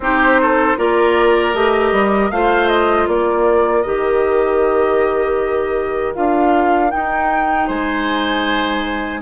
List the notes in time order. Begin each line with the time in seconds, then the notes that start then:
0.00 C4 D#4 G4 C5
0.41 A4
0.77 A#3 F4 A#4 D5
1.54 A3 G4 D#5
1.92 G3
2.30 A3 F4 C5 F5
2.68 D#5
3.07 A#3 A#4 D5
3.82 D#3 G4 D#5
6.15 D4 F4 F5
6.90 D#4 G5
7.67 G#3 C5 G#5